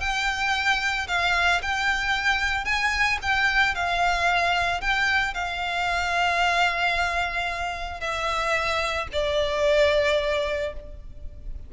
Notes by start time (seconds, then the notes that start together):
0.00 G5
1.08 F5
1.62 G5
2.65 G#5
3.22 G5
3.75 F5
4.81 G5
5.34 F5
8.01 E5
9.12 D5